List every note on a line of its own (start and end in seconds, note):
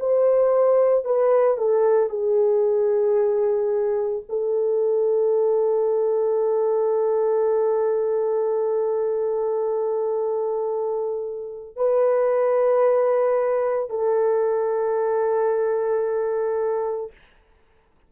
0.00 1.05 C5
1.05 1.58 B4
1.58 2.10 A4
2.10 4.24 G#4
4.30 11.77 A4
11.77 13.90 B4
13.90 17.12 A4